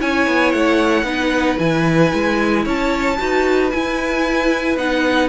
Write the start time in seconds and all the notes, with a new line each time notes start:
0.00 C#4 E4 C#5 G#5
0.28 B3
0.52 A3 F#5
1.04 B3 D#4 B4
1.58 E3 E4 G#5
2.14 G#3
2.64 C#4 C#5 A5
3.18 D#4 F#4 B4
3.70 E4 G#5
4.77 B3 D#4 F#5